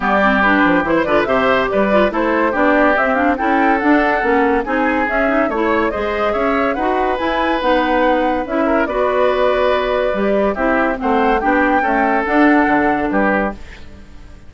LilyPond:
<<
  \new Staff \with { instrumentName = "flute" } { \time 4/4 \tempo 4 = 142 d''4 b'4 c''8 d''8 e''4 | d''4 c''4 d''4 e''8 f''8 | g''4 fis''2 gis''4 | e''4 cis''4 dis''4 e''4 |
fis''4 gis''4 fis''2 | e''4 d''2.~ | d''4 e''4 fis''4 g''4~ | g''4 fis''2 b'4 | }
  \new Staff \with { instrumentName = "oboe" } { \time 4/4 g'2~ g'16 c''16 b'8 c''4 | b'4 a'4 g'2 | a'2. gis'4~ | gis'4 cis''4 c''4 cis''4 |
b'1~ | b'8 ais'8 b'2.~ | b'4 g'4 c''4 g'4 | a'2. g'4 | }
  \new Staff \with { instrumentName = "clarinet" } { \time 4/4 b8 c'8 d'4 e'8 f'8 g'4~ | g'8 f'8 e'4 d'4 c'8 d'8 | e'4 d'4 cis'4 dis'4 | cis'8 dis'8 e'4 gis'2 |
fis'4 e'4 dis'2 | e'4 fis'2. | g'4 e'4 c'4 d'4 | a4 d'2. | }
  \new Staff \with { instrumentName = "bassoon" } { \time 4/4 g4. f8 e8 d8 c4 | g4 a4 b4 c'4 | cis'4 d'4 ais4 c'4 | cis'4 a4 gis4 cis'4 |
dis'4 e'4 b2 | cis'4 b2. | g4 c'4 a4 b4 | cis'4 d'4 d4 g4 | }
>>